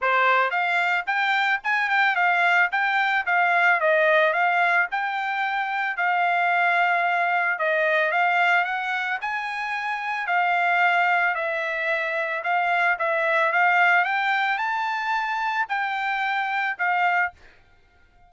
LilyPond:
\new Staff \with { instrumentName = "trumpet" } { \time 4/4 \tempo 4 = 111 c''4 f''4 g''4 gis''8 g''8 | f''4 g''4 f''4 dis''4 | f''4 g''2 f''4~ | f''2 dis''4 f''4 |
fis''4 gis''2 f''4~ | f''4 e''2 f''4 | e''4 f''4 g''4 a''4~ | a''4 g''2 f''4 | }